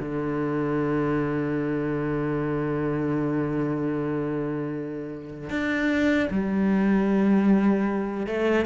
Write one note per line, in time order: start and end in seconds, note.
0.00 5.50 D3
5.50 6.29 D4
6.31 8.27 G3
8.27 8.66 A3